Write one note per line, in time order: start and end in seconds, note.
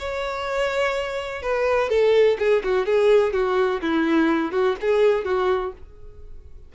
0.00 1.43 C#5
1.43 1.90 B4
1.90 2.38 A4
2.39 2.63 G#4
2.64 2.86 F#4
2.86 3.33 G#4
3.33 3.81 F#4
3.82 4.53 E4
4.53 4.77 F#4
4.81 5.25 G#4
5.25 5.73 F#4